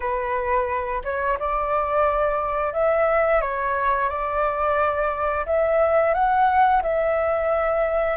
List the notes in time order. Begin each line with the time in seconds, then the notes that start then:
0.00 B4
1.04 C#5
1.39 D5
2.73 E5
3.41 C#5
4.09 D5
5.45 E5
6.14 F#5
6.82 E5